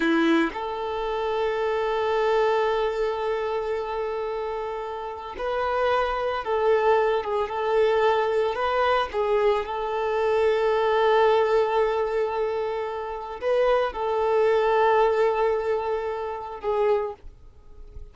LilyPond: \new Staff \with { instrumentName = "violin" } { \time 4/4 \tempo 4 = 112 e'4 a'2.~ | a'1~ | a'2 b'2 | a'4. gis'8 a'2 |
b'4 gis'4 a'2~ | a'1~ | a'4 b'4 a'2~ | a'2. gis'4 | }